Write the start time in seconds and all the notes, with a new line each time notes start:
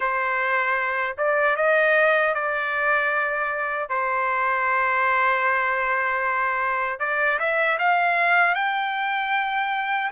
0.00 C5
1.17 D5
1.56 D#5
2.34 D5
3.89 C5
7.00 D5
7.38 E5
7.79 F5
8.54 G5